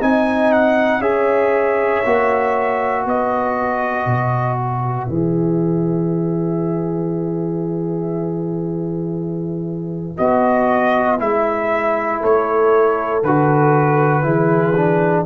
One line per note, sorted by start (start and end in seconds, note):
0.00 1.00 C4
0.00 1.01 D#4
0.00 1.00 D#5
0.00 0.52 G#5
0.52 1.01 F#5
1.00 2.01 C#4
1.00 2.03 G#4
1.00 3.03 C#5
1.00 3.05 E5
2.05 3.05 A#3
2.05 5.08 F#4
3.03 4.06 B3
3.03 12.19 B4
3.03 4.57 D#5
4.06 5.07 B2
4.57 10.16 E5
5.08 10.17 E3
5.08 10.17 G#4
10.17 11.20 B3
10.17 11.18 F#4
10.17 11.19 D#5
11.18 12.22 G#3
11.18 13.21 E4
11.18 12.22 E5
12.20 13.22 A3
12.20 14.23 A4
12.20 13.23 C#5
13.22 14.24 D3
13.22 14.22 F#4
13.22 15.25 B4
14.22 15.25 E3
14.22 14.73 E4
14.22 15.25 G#4
14.76 15.25 D4